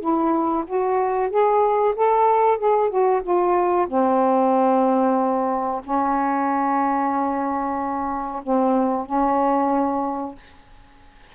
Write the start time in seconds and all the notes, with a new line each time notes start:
0.00 E4
0.67 F#4
1.30 G#4
1.95 A4
2.58 G#4
2.89 F#4
3.23 F4
3.88 C4
5.84 C#4
8.43 C4
9.06 C#4